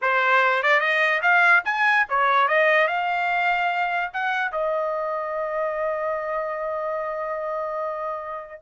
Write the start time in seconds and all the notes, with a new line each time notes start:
0.01 C5
0.63 D5
0.80 D#5
1.22 F5
1.64 G#5
2.09 C#5
2.48 D#5
2.87 F5
4.13 F#5
4.51 D#5